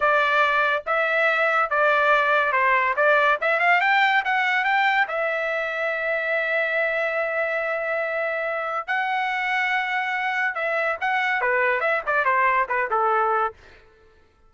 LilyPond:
\new Staff \with { instrumentName = "trumpet" } { \time 4/4 \tempo 4 = 142 d''2 e''2 | d''2 c''4 d''4 | e''8 f''8 g''4 fis''4 g''4 | e''1~ |
e''1~ | e''4 fis''2.~ | fis''4 e''4 fis''4 b'4 | e''8 d''8 c''4 b'8 a'4. | }